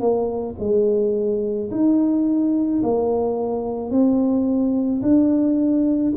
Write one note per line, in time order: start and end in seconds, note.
0.00 0.56 A#3
0.60 1.71 G#3
1.71 2.82 D#4
2.83 3.91 A#3
3.91 5.02 C4
5.02 6.13 D4